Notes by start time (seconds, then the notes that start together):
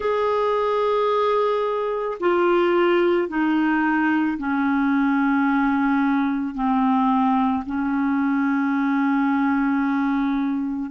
0.00 G#4
2.20 F4
3.28 D#4
4.38 C#4
6.54 C4
7.66 C#4